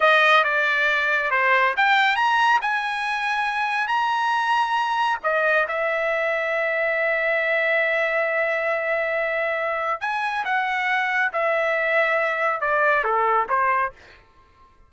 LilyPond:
\new Staff \with { instrumentName = "trumpet" } { \time 4/4 \tempo 4 = 138 dis''4 d''2 c''4 | g''4 ais''4 gis''2~ | gis''4 ais''2. | dis''4 e''2.~ |
e''1~ | e''2. gis''4 | fis''2 e''2~ | e''4 d''4 a'4 c''4 | }